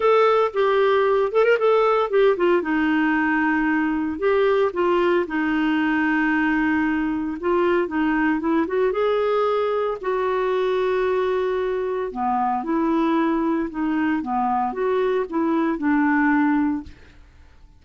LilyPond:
\new Staff \with { instrumentName = "clarinet" } { \time 4/4 \tempo 4 = 114 a'4 g'4. a'16 ais'16 a'4 | g'8 f'8 dis'2. | g'4 f'4 dis'2~ | dis'2 f'4 dis'4 |
e'8 fis'8 gis'2 fis'4~ | fis'2. b4 | e'2 dis'4 b4 | fis'4 e'4 d'2 | }